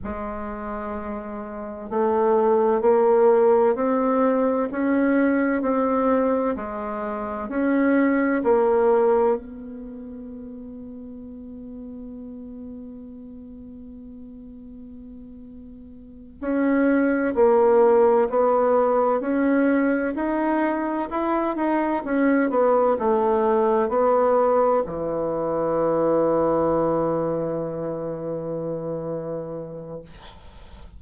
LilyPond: \new Staff \with { instrumentName = "bassoon" } { \time 4/4 \tempo 4 = 64 gis2 a4 ais4 | c'4 cis'4 c'4 gis4 | cis'4 ais4 b2~ | b1~ |
b4. cis'4 ais4 b8~ | b8 cis'4 dis'4 e'8 dis'8 cis'8 | b8 a4 b4 e4.~ | e1 | }